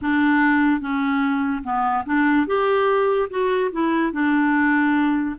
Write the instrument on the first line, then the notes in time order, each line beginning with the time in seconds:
clarinet
0.01 D4
0.80 C#4
1.63 B3
2.05 D4
2.46 G4
3.30 F#4
3.72 E4
4.12 D4